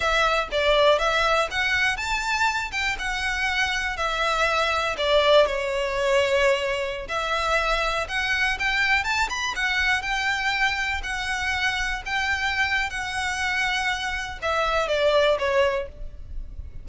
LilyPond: \new Staff \with { instrumentName = "violin" } { \time 4/4 \tempo 4 = 121 e''4 d''4 e''4 fis''4 | a''4. g''8 fis''2 | e''2 d''4 cis''4~ | cis''2~ cis''16 e''4.~ e''16~ |
e''16 fis''4 g''4 a''8 b''8 fis''8.~ | fis''16 g''2 fis''4.~ fis''16~ | fis''16 g''4.~ g''16 fis''2~ | fis''4 e''4 d''4 cis''4 | }